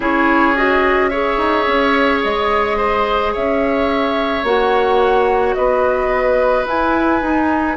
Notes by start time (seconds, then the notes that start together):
0.00 C#4 E4 G#4 C#5
0.55 F#4 D#5
1.09 G#4 C#5 E5
1.37 D#4
1.67 C#4
2.23 G#3 D#5
2.77 C5
3.32 C#4 C#5 E5
4.43 A#3 F#4 F#5
5.54 B3 B4 D#5
6.65 E4 G#5
7.21 D#4